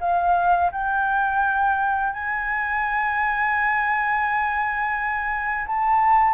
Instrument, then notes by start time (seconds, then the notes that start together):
flute
0.00 F5
0.72 G5
2.13 G#5
5.67 A5